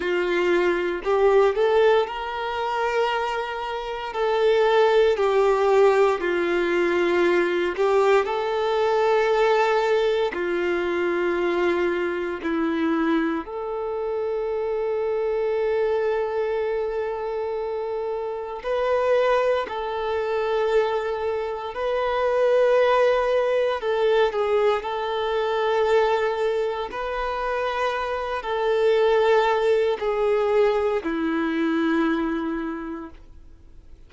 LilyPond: \new Staff \with { instrumentName = "violin" } { \time 4/4 \tempo 4 = 58 f'4 g'8 a'8 ais'2 | a'4 g'4 f'4. g'8 | a'2 f'2 | e'4 a'2.~ |
a'2 b'4 a'4~ | a'4 b'2 a'8 gis'8 | a'2 b'4. a'8~ | a'4 gis'4 e'2 | }